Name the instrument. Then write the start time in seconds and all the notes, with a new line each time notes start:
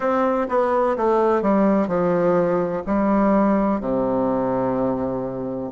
bassoon
0.00 C4
0.48 B3
0.97 A3
1.42 G3
1.87 F3
2.86 G3
3.80 C3